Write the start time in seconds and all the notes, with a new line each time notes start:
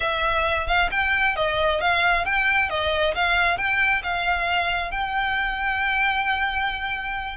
0.00 E5
0.67 F5
0.91 G5
1.36 D#5
1.81 F5
2.25 G5
2.69 D#5
3.14 F5
3.57 G5
4.03 F5
4.91 G5